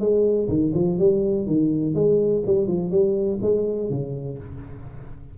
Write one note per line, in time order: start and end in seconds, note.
0.00 0.48 G#3
0.49 0.73 D#3
0.74 0.99 F3
0.99 1.47 G3
1.47 1.95 D#3
1.95 2.43 G#3
2.46 2.68 G3
2.68 2.91 F3
2.91 3.40 G3
3.42 3.90 G#3
3.90 4.38 C#3